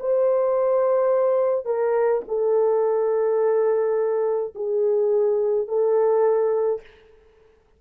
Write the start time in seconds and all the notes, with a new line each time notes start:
0.00 C5
1.66 A#4
2.28 A4
4.55 G#4
5.68 A4